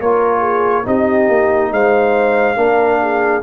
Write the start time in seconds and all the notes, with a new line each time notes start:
0.00 A#3 F4 A#4 C#5
0.40 G#4
0.84 C4 D#4 G4 D#5
1.29 A#3
1.72 G#3 C5 F5
2.56 A#3 D4 A#4
3.01 G#4